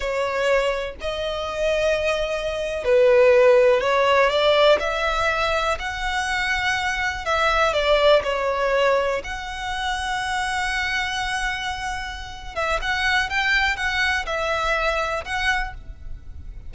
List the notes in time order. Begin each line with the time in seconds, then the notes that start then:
0.00 C#5
1.00 D#5
2.84 B4
3.80 C#5
4.29 D5
4.79 E5
5.79 F#5
7.25 E5
7.73 D5
8.23 C#5
9.24 F#5
12.55 E5
12.81 F#5
13.29 G5
13.76 F#5
14.26 E5
15.24 F#5